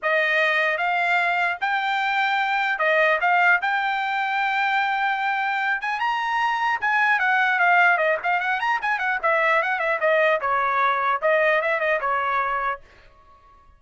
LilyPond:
\new Staff \with { instrumentName = "trumpet" } { \time 4/4 \tempo 4 = 150 dis''2 f''2 | g''2. dis''4 | f''4 g''2.~ | g''2~ g''8 gis''8 ais''4~ |
ais''4 gis''4 fis''4 f''4 | dis''8 f''8 fis''8 ais''8 gis''8 fis''8 e''4 | fis''8 e''8 dis''4 cis''2 | dis''4 e''8 dis''8 cis''2 | }